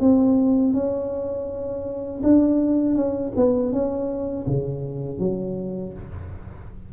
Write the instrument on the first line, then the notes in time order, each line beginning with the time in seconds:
tuba
0.00 C4
0.74 C#4
2.23 D4
2.96 C#4
3.36 B3
3.72 C#4
4.47 C#3
5.19 F#3